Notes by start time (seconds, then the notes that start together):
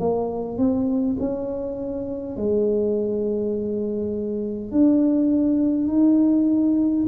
0.00 A#3
0.58 C4
1.20 C#4
2.37 G#3
4.72 D4
5.89 D#4